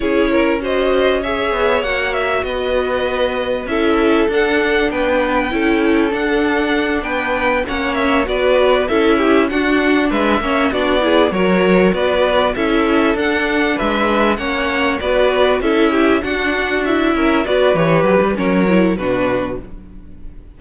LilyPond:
<<
  \new Staff \with { instrumentName = "violin" } { \time 4/4 \tempo 4 = 98 cis''4 dis''4 e''4 fis''8 e''8 | dis''2 e''4 fis''4 | g''2 fis''4. g''8~ | g''8 fis''8 e''8 d''4 e''4 fis''8~ |
fis''8 e''4 d''4 cis''4 d''8~ | d''8 e''4 fis''4 e''4 fis''8~ | fis''8 d''4 e''4 fis''4 e''8~ | e''8 d''8 cis''8 b'8 cis''4 b'4 | }
  \new Staff \with { instrumentName = "violin" } { \time 4/4 gis'8 ais'8 c''4 cis''2 | b'2 a'2 | b'4 a'2~ a'8 b'8~ | b'8 cis''4 b'4 a'8 g'8 fis'8~ |
fis'8 b'8 cis''8 fis'8 gis'8 ais'4 b'8~ | b'8 a'2 b'4 cis''8~ | cis''8 b'4 a'8 g'8 fis'4. | ais'8 b'4. ais'4 fis'4 | }
  \new Staff \with { instrumentName = "viola" } { \time 4/4 e'4 fis'4 gis'4 fis'4~ | fis'2 e'4 d'4~ | d'4 e'4 d'2~ | d'8 cis'4 fis'4 e'4 d'8~ |
d'4 cis'8 d'8 e'8 fis'4.~ | fis'8 e'4 d'2 cis'8~ | cis'8 fis'4 e'4 d'4 e'8~ | e'8 fis'8 g'4 cis'8 e'8 d'4 | }
  \new Staff \with { instrumentName = "cello" } { \time 4/4 cis'2~ cis'8 b8 ais4 | b2 cis'4 d'4 | b4 cis'4 d'4. b8~ | b8 ais4 b4 cis'4 d'8~ |
d'8 gis8 ais8 b4 fis4 b8~ | b8 cis'4 d'4 gis4 ais8~ | ais8 b4 cis'4 d'4. | cis'8 b8 e8 fis16 g16 fis4 b,4 | }
>>